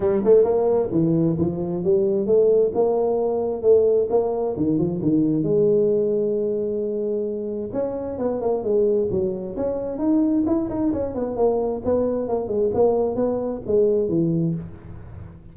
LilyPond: \new Staff \with { instrumentName = "tuba" } { \time 4/4 \tempo 4 = 132 g8 a8 ais4 e4 f4 | g4 a4 ais2 | a4 ais4 dis8 f8 dis4 | gis1~ |
gis4 cis'4 b8 ais8 gis4 | fis4 cis'4 dis'4 e'8 dis'8 | cis'8 b8 ais4 b4 ais8 gis8 | ais4 b4 gis4 e4 | }